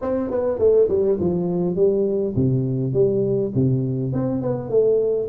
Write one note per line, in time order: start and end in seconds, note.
0.01 0.30 C4
0.30 0.58 B3
0.58 0.88 A3
0.89 1.18 G3
1.20 1.75 F3
1.75 2.34 G3
2.35 2.93 C3
2.93 3.51 G3
3.55 4.13 C3
4.13 4.41 C4
4.41 4.69 B3
4.69 5.28 A3